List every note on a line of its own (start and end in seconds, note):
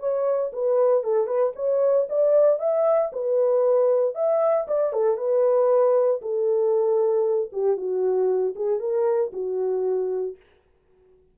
0.00 0.52 C#5
0.53 1.04 B4
1.04 1.27 A4
1.27 1.53 B4
1.56 2.08 C#5
2.09 2.60 D5
2.60 3.11 E5
3.13 4.15 B4
4.15 4.67 E5
4.68 4.93 D5
4.93 5.18 A4
5.18 6.21 B4
6.22 7.51 A4
7.53 7.77 G4
7.77 8.55 F#4
8.56 8.80 G#4
8.80 9.32 A#4
9.33 10.37 F#4